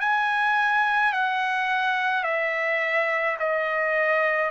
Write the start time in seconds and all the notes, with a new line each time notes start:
0.00 G#5
1.13 F#5
2.24 E5
3.39 D#5